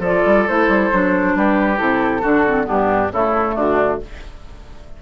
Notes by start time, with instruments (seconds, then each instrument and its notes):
0.00 bassoon F3, clarinet F4, oboe A4, flute D5
0.26 bassoon G3
0.48 bassoon A3, clarinet E4, flute C5
0.68 bassoon G3
0.92 bassoon F#3, clarinet D4
1.36 bassoon G3, oboe G4, flute B4
1.77 bassoon C3, clarinet E4, flute A4
2.22 bassoon D3, clarinet D4, oboe F#4
2.47 clarinet C4
2.64 bassoon G2, clarinet B3, oboe D4, flute G4
3.12 bassoon C#3, clarinet A3, oboe E4, flute A4
3.55 bassoon D3, oboe D4, flute F#4